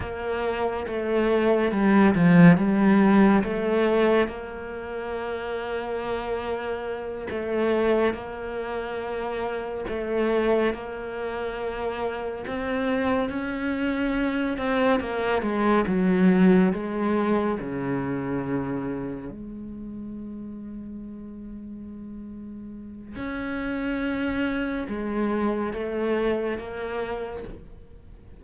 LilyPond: \new Staff \with { instrumentName = "cello" } { \time 4/4 \tempo 4 = 70 ais4 a4 g8 f8 g4 | a4 ais2.~ | ais8 a4 ais2 a8~ | a8 ais2 c'4 cis'8~ |
cis'4 c'8 ais8 gis8 fis4 gis8~ | gis8 cis2 gis4.~ | gis2. cis'4~ | cis'4 gis4 a4 ais4 | }